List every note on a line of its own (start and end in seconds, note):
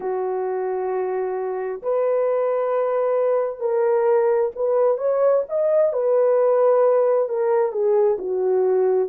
0.00 1.82 F#4
1.82 3.60 B4
3.60 4.50 A#4
4.55 4.98 B4
4.98 5.43 C#5
5.48 5.93 D#5
5.93 7.29 B4
7.29 7.71 A#4
7.71 8.17 G#4
8.18 9.09 F#4